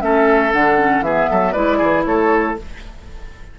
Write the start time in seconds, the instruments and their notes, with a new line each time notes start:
0.00 bassoon A3, clarinet C#4, oboe A4, flute E5
0.53 bassoon D3, clarinet D4, flute F#5
0.78 clarinet C#4
1.01 bassoon E3, clarinet B3, oboe G#4, flute E5
1.30 bassoon F#3, oboe A4
1.53 bassoon G#3, clarinet E4, oboe B4, flute D5
1.78 bassoon E3, oboe G#4
2.05 bassoon A3, oboe A4, flute C#5